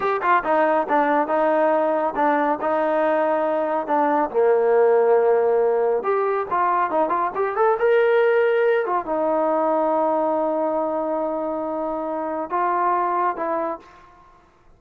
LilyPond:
\new Staff \with { instrumentName = "trombone" } { \time 4/4 \tempo 4 = 139 g'8 f'8 dis'4 d'4 dis'4~ | dis'4 d'4 dis'2~ | dis'4 d'4 ais2~ | ais2 g'4 f'4 |
dis'8 f'8 g'8 a'8 ais'2~ | ais'8 f'8 dis'2.~ | dis'1~ | dis'4 f'2 e'4 | }